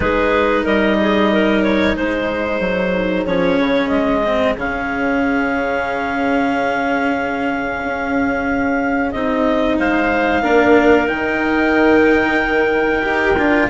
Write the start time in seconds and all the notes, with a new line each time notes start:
0.00 G#3 D#4 G#4 B4
0.63 G3 A#4 D#5
1.01 G#4
1.32 A#4
1.62 C#5
1.96 G#3 G#4 C5
2.60 F#3
3.26 F3 C#4 C#5
3.59 C#3
3.88 G#3 D#5
4.25 C4
4.57 C#3 C#4 F5
7.84 C#4
9.11 C4 D#4 D#5
9.78 G#3 C5 F5
10.42 A#3 D4 A#4
11.07 D#3 D#4 G5
13.02 D#4 G4
13.37 D4 F4